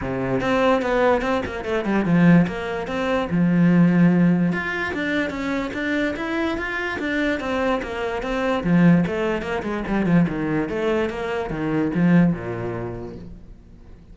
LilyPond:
\new Staff \with { instrumentName = "cello" } { \time 4/4 \tempo 4 = 146 c4 c'4 b4 c'8 ais8 | a8 g8 f4 ais4 c'4 | f2. f'4 | d'4 cis'4 d'4 e'4 |
f'4 d'4 c'4 ais4 | c'4 f4 a4 ais8 gis8 | g8 f8 dis4 a4 ais4 | dis4 f4 ais,2 | }